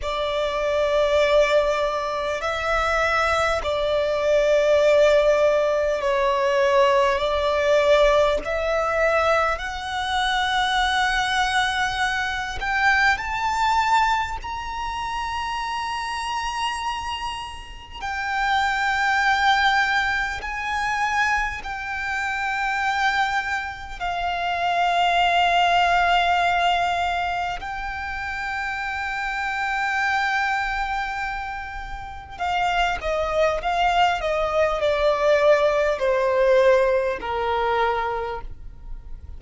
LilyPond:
\new Staff \with { instrumentName = "violin" } { \time 4/4 \tempo 4 = 50 d''2 e''4 d''4~ | d''4 cis''4 d''4 e''4 | fis''2~ fis''8 g''8 a''4 | ais''2. g''4~ |
g''4 gis''4 g''2 | f''2. g''4~ | g''2. f''8 dis''8 | f''8 dis''8 d''4 c''4 ais'4 | }